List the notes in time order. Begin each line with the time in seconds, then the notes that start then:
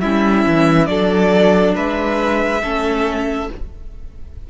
0.00 G3 C#4 E4 E5
0.46 E3
0.86 F#3 D4 A4 D5
1.74 G#3 B4 E5
2.62 A3 C#4 A4